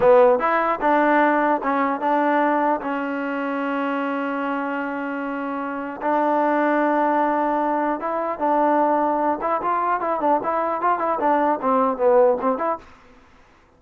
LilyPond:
\new Staff \with { instrumentName = "trombone" } { \time 4/4 \tempo 4 = 150 b4 e'4 d'2 | cis'4 d'2 cis'4~ | cis'1~ | cis'2. d'4~ |
d'1 | e'4 d'2~ d'8 e'8 | f'4 e'8 d'8 e'4 f'8 e'8 | d'4 c'4 b4 c'8 e'8 | }